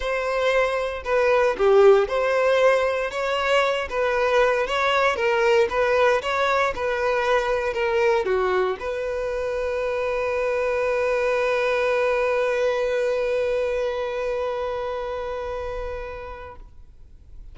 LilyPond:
\new Staff \with { instrumentName = "violin" } { \time 4/4 \tempo 4 = 116 c''2 b'4 g'4 | c''2 cis''4. b'8~ | b'4 cis''4 ais'4 b'4 | cis''4 b'2 ais'4 |
fis'4 b'2.~ | b'1~ | b'1~ | b'1 | }